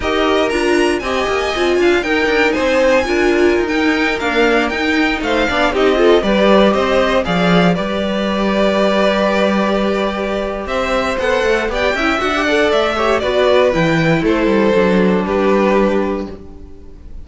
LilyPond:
<<
  \new Staff \with { instrumentName = "violin" } { \time 4/4 \tempo 4 = 118 dis''4 ais''4 gis''2 | g''4 gis''2~ gis''16 g''8.~ | g''16 f''4 g''4 f''4 dis''8.~ | dis''16 d''4 dis''4 f''4 d''8.~ |
d''1~ | d''4 e''4 fis''4 g''4 | fis''4 e''4 d''4 g''4 | c''2 b'2 | }
  \new Staff \with { instrumentName = "violin" } { \time 4/4 ais'2 dis''4. f''8 | ais'4 c''4 ais'2~ | ais'2~ ais'16 c''8 d''8 g'8 a'16~ | a'16 b'4 c''4 d''4 b'8.~ |
b'1~ | b'4 c''2 d''8 e''8~ | e''8 d''4 cis''8 b'2 | a'2 g'2 | }
  \new Staff \with { instrumentName = "viola" } { \time 4/4 g'4 f'4 g'4 f'4 | dis'2 f'4~ f'16 dis'8.~ | dis'16 ais4 dis'4. d'8 dis'8 f'16~ | f'16 g'2 gis'4 g'8.~ |
g'1~ | g'2 a'4 g'8 e'8 | fis'16 g'16 a'4 g'8 fis'4 e'4~ | e'4 d'2. | }
  \new Staff \with { instrumentName = "cello" } { \time 4/4 dis'4 d'4 c'8 ais8 c'8 d'8 | dis'8 d'8 c'4 d'4 dis'4~ | dis'16 d'4 dis'4 a8 b8 c'8.~ | c'16 g4 c'4 f4 g8.~ |
g1~ | g4 c'4 b8 a8 b8 cis'8 | d'4 a4 b4 e4 | a8 g8 fis4 g2 | }
>>